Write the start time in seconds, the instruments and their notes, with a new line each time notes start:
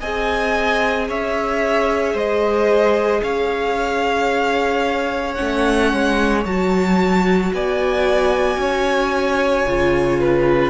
0.00 cello C4, viola G#4, violin D#5 G#5
1.08 cello C#4, violin C#5 E5
2.14 cello G#3, violin C5 D#5
3.23 cello C#4, violin C#5 F5
5.34 viola C#4, violin F#5
5.40 cello A3
5.93 cello G#3
6.45 cello F#3, viola F#4, violin A5
7.53 cello B3, violin D5 G#5
8.57 cello C#4, violin C#5
9.66 cello C#3, viola F4
10.20 violin B4